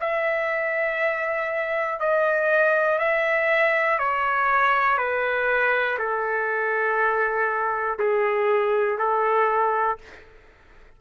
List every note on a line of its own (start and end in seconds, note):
0.00 1.99 E5
1.99 2.98 D#5
2.98 3.98 E5
3.98 4.97 C#5
4.97 5.97 B4
5.99 7.99 A4
7.99 8.98 G#4
8.98 9.98 A4